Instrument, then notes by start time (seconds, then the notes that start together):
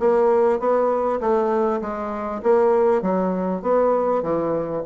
bassoon
0.00 A#3
0.60 B3
1.21 A3
1.82 G#3
2.43 A#3
3.02 F#3
3.63 B3
4.23 E3